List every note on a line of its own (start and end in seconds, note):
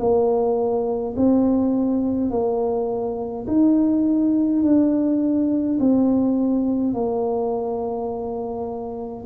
0.00 1.15 A#3
1.16 2.31 C4
2.31 3.46 A#3
3.48 4.63 D#4
4.63 5.78 D4
5.80 6.94 C4
6.94 9.25 A#3